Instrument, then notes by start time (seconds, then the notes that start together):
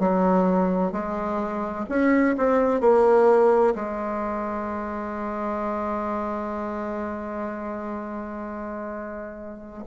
bassoon
0.00 F#3
0.92 G#3
1.89 C#4
2.38 C4
2.81 A#3
3.75 G#3